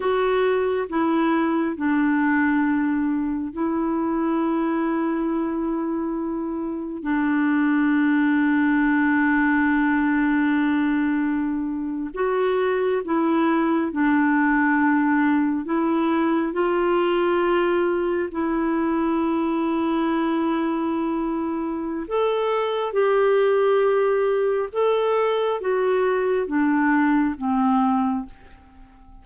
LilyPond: \new Staff \with { instrumentName = "clarinet" } { \time 4/4 \tempo 4 = 68 fis'4 e'4 d'2 | e'1 | d'1~ | d'4.~ d'16 fis'4 e'4 d'16~ |
d'4.~ d'16 e'4 f'4~ f'16~ | f'8. e'2.~ e'16~ | e'4 a'4 g'2 | a'4 fis'4 d'4 c'4 | }